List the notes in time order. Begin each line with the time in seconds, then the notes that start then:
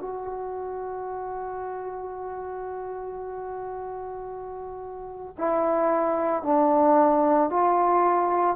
0.00 F#4
5.38 E4
6.43 D4
7.50 F4